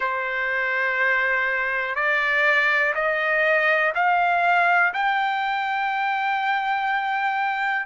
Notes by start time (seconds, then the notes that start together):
0.00 C5
1.94 D5
2.95 D#5
3.94 F5
4.93 G5